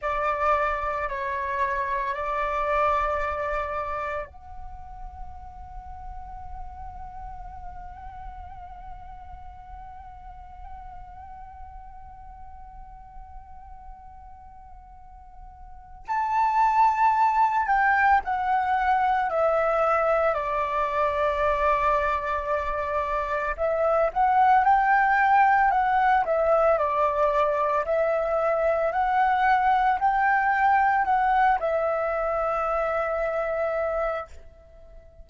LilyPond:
\new Staff \with { instrumentName = "flute" } { \time 4/4 \tempo 4 = 56 d''4 cis''4 d''2 | fis''1~ | fis''1~ | fis''2. a''4~ |
a''8 g''8 fis''4 e''4 d''4~ | d''2 e''8 fis''8 g''4 | fis''8 e''8 d''4 e''4 fis''4 | g''4 fis''8 e''2~ e''8 | }